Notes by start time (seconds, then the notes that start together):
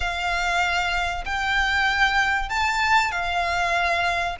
0.00 F5
1.25 G5
2.49 A5
3.11 F5